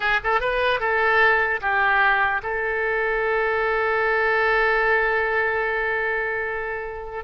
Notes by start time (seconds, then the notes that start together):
0.00 G#4
0.23 A4
0.40 B4
0.80 A4
1.61 G4
2.42 A4